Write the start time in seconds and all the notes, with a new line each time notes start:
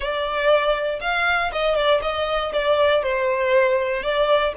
0.00 D5
1.00 F5
1.52 D#5
1.75 D5
2.02 D#5
2.52 D5
3.02 C5
4.02 D5